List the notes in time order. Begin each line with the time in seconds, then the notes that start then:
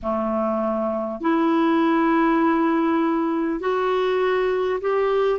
0.02 A3
1.21 E4
3.60 F#4
4.80 G4